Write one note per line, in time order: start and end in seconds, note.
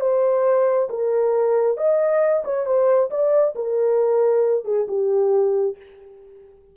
0.00 0.88 C5
0.89 1.77 A#4
1.77 2.43 D#5
2.44 2.66 C#5
2.66 3.10 C5
3.10 3.54 D5
3.55 4.64 A#4
4.64 4.86 G#4
4.88 5.76 G4